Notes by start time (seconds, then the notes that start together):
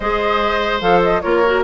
0.00 G#3 G#4 C5 D#5
0.80 F3 A4 F5
1.03 D#5
1.21 A#3 F4 A#4 C#5
1.45 F#4